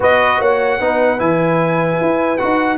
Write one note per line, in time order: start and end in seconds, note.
0.00 0.40 B3
0.00 0.80 F#4
0.00 0.39 B4
0.00 0.41 D#5
0.39 0.80 A#3
0.39 0.79 C#5
0.39 1.20 F#5
0.80 1.20 B3
0.80 1.18 D#4
0.80 2.78 B4
1.18 2.00 E3
1.18 2.38 E4
1.18 2.37 G#5
2.00 2.40 E4
2.37 2.78 F#4
2.37 2.77 F#5
2.44 2.78 D#4